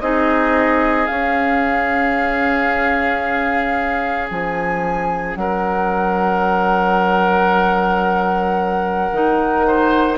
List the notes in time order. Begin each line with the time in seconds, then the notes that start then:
0.00 C4 D#4 G#4 D#5
1.06 C#4 F5
4.30 F3 G#5
5.35 F#3 A#4 F#5
9.11 D#3 D#4
9.67 C5